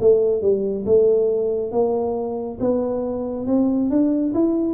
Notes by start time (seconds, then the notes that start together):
0.00 A3
0.42 G3
0.85 A3
1.71 A#3
2.60 B3
3.46 C4
3.90 D4
4.34 E4